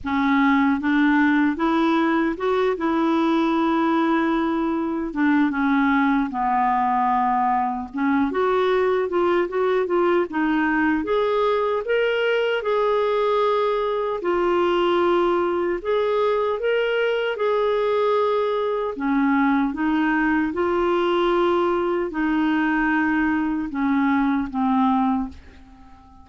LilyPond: \new Staff \with { instrumentName = "clarinet" } { \time 4/4 \tempo 4 = 76 cis'4 d'4 e'4 fis'8 e'8~ | e'2~ e'8 d'8 cis'4 | b2 cis'8 fis'4 f'8 | fis'8 f'8 dis'4 gis'4 ais'4 |
gis'2 f'2 | gis'4 ais'4 gis'2 | cis'4 dis'4 f'2 | dis'2 cis'4 c'4 | }